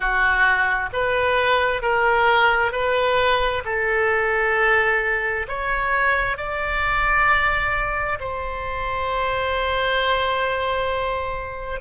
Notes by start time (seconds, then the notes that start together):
0.00 F#4
0.93 B4
1.82 A#4
2.72 B4
3.64 A4
5.48 C#5
6.37 D5
8.20 C5